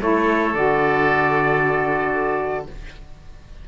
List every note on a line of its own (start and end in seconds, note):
0.00 0.54 A3
0.00 0.53 E4
0.00 2.67 A4
0.00 0.54 C#5
0.54 2.66 D3
0.54 2.66 F#4
0.54 2.67 D5